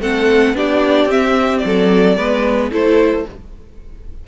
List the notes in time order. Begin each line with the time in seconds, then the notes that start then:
0.00 A3 C4 A4 F#5
0.53 B3 D4 G4 D5
1.05 C4 E5
1.58 D5
1.64 F#3 A4
2.17 G#3 B3 B4
2.71 A3 E4 A4 C5